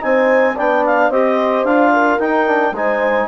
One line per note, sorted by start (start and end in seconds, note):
0.00 0.58 C4
0.00 0.55 D#4
0.00 0.56 C5
0.00 0.57 G#5
0.56 1.11 B3
0.56 1.13 D4
0.56 1.10 D5
0.56 0.85 G5
0.86 1.11 F5
1.10 1.64 C4
1.10 1.67 G4
1.10 1.92 C5
1.10 1.65 D#5
1.64 2.19 D4
1.64 2.20 F4
1.64 2.20 F5
1.94 2.75 A#4
2.20 2.72 D#4
2.20 2.47 D#4
2.20 2.75 G5
2.47 2.75 D4
2.72 3.27 G#3
2.72 3.28 D#4
2.72 3.28 C5
2.72 3.28 G#5